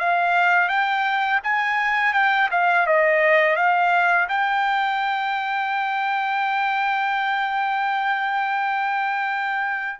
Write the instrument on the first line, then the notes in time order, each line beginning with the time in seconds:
trumpet
0.00 F5
0.69 G5
1.44 G#5
2.14 G5
2.51 F5
2.87 D#5
3.56 F5
4.29 G5